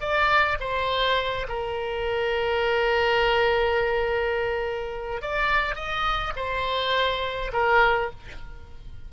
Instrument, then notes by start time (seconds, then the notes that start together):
oboe
0.00 D5
0.60 C5
1.48 A#4
5.21 D5
5.75 D#5
6.36 C5
7.52 A#4